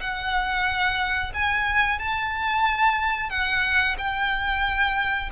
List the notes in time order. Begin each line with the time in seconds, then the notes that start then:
0.00 F#5
1.34 G#5
1.98 A5
3.29 F#5
3.98 G5